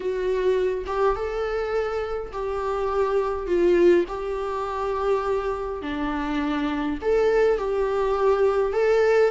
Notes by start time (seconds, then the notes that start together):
0.00 F#4
0.86 G4
1.15 A4
2.32 G4
3.46 F4
4.08 G4
5.81 D4
7.01 A4
7.58 G4
8.72 A4